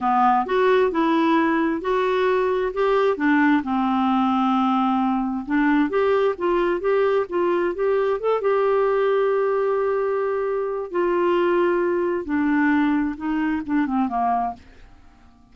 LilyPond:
\new Staff \with { instrumentName = "clarinet" } { \time 4/4 \tempo 4 = 132 b4 fis'4 e'2 | fis'2 g'4 d'4 | c'1 | d'4 g'4 f'4 g'4 |
f'4 g'4 a'8 g'4.~ | g'1 | f'2. d'4~ | d'4 dis'4 d'8 c'8 ais4 | }